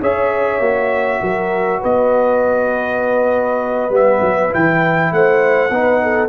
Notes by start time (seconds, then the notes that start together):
0.00 C#4 G#4 C#5 E5
0.59 A#3 F#4
1.21 F#3 A#4
1.80 B3 B4 D#5
3.89 G3 B3 E5
4.21 F#3
4.49 E3 E4 G5
5.11 A3 C5 F#5
5.70 B3 D#4 B4
6.02 A4